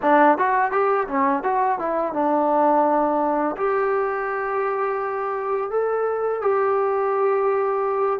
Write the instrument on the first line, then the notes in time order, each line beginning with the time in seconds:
trombone
0.02 D4
0.38 F#4
0.71 G4
1.07 C#4
1.43 F#4
1.79 E4
2.13 D4
3.56 G4
5.70 A4
6.41 G4